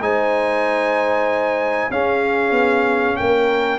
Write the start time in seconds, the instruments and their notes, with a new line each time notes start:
0.00 tuba G#3, trombone D#4, horn C5, trumpet G#5
1.91 tuba C#4, trombone C#4, horn G#4, trumpet F5
2.51 tuba B3
3.17 tuba A#3, horn A#4, trumpet G5